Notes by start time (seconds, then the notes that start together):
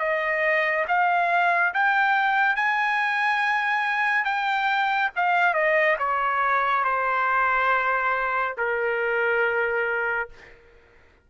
0.00 D#5
0.88 F5
1.74 G5
2.56 G#5
4.25 G5
5.16 F5
5.54 D#5
5.99 C#5
6.85 C5
8.58 A#4